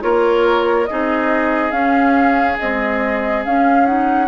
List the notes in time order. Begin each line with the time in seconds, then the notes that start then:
0.00 A#3 F4 A#4 C#5
0.85 C4 D#4 G#4 D#5
1.71 C#4 F5
2.58 G#3 C4 D#5
3.44 C#4 F5
3.86 D#4 F#5